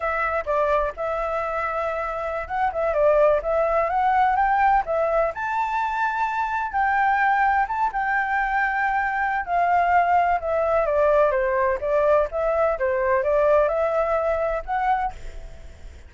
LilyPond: \new Staff \with { instrumentName = "flute" } { \time 4/4 \tempo 4 = 127 e''4 d''4 e''2~ | e''4~ e''16 fis''8 e''8 d''4 e''8.~ | e''16 fis''4 g''4 e''4 a''8.~ | a''2~ a''16 g''4.~ g''16~ |
g''16 a''8 g''2.~ g''16 | f''2 e''4 d''4 | c''4 d''4 e''4 c''4 | d''4 e''2 fis''4 | }